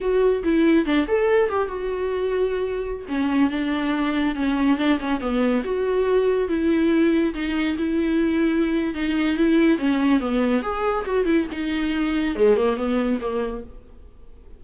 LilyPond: \new Staff \with { instrumentName = "viola" } { \time 4/4 \tempo 4 = 141 fis'4 e'4 d'8 a'4 g'8 | fis'2.~ fis'16 cis'8.~ | cis'16 d'2 cis'4 d'8 cis'16~ | cis'16 b4 fis'2 e'8.~ |
e'4~ e'16 dis'4 e'4.~ e'16~ | e'4 dis'4 e'4 cis'4 | b4 gis'4 fis'8 e'8 dis'4~ | dis'4 gis8 ais8 b4 ais4 | }